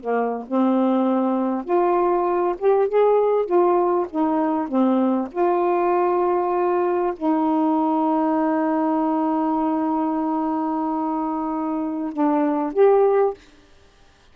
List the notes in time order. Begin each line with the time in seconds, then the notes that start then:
0.00 A#3
0.47 C4
1.64 F4
2.59 G4
2.89 G#4
3.46 F4
4.10 D#4
4.68 C4
5.32 F4
7.16 D#4
12.13 D4
12.73 G4